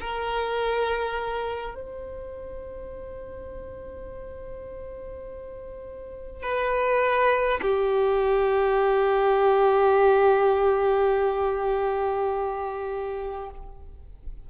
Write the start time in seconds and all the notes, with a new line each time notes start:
0.00 A#4
1.74 C5
6.42 B4
7.61 G4